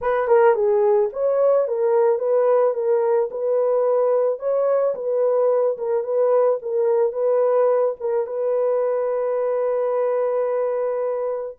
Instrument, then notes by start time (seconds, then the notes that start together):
horn
0.01 B4
0.27 A#4
0.54 G#4
1.12 C#5
1.67 A#4
2.19 B4
2.74 A#4
3.30 B4
4.39 C#5
4.94 B4
5.77 A#4
6.03 B4
6.62 A#4
7.12 B4
8.00 A#4
8.26 B4